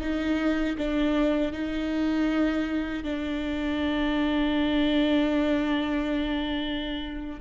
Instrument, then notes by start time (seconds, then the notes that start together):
viola
0.00 D#4
0.77 D4
1.52 D#4
3.03 D4